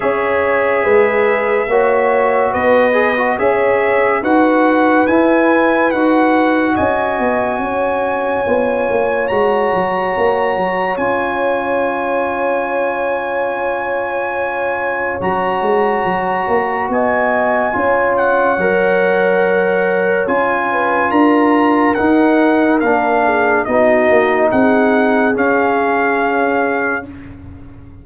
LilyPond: <<
  \new Staff \with { instrumentName = "trumpet" } { \time 4/4 \tempo 4 = 71 e''2. dis''4 | e''4 fis''4 gis''4 fis''4 | gis''2. ais''4~ | ais''4 gis''2.~ |
gis''2 ais''2 | gis''4. fis''2~ fis''8 | gis''4 ais''4 fis''4 f''4 | dis''4 fis''4 f''2 | }
  \new Staff \with { instrumentName = "horn" } { \time 4/4 cis''4 b'4 cis''4 b'4 | cis''4 b'2. | dis''4 cis''2.~ | cis''1~ |
cis''1 | dis''4 cis''2.~ | cis''8 b'8 ais'2~ ais'8 gis'8 | fis'4 gis'2. | }
  \new Staff \with { instrumentName = "trombone" } { \time 4/4 gis'2 fis'4. gis'16 fis'16 | gis'4 fis'4 e'4 fis'4~ | fis'2 f'4 fis'4~ | fis'4 f'2.~ |
f'2 fis'2~ | fis'4 f'4 ais'2 | f'2 dis'4 d'4 | dis'2 cis'2 | }
  \new Staff \with { instrumentName = "tuba" } { \time 4/4 cis'4 gis4 ais4 b4 | cis'4 dis'4 e'4 dis'4 | cis'8 b8 cis'4 b8 ais8 gis8 fis8 | ais8 fis8 cis'2.~ |
cis'2 fis8 gis8 fis8 ais8 | b4 cis'4 fis2 | cis'4 d'4 dis'4 ais4 | b8 ais8 c'4 cis'2 | }
>>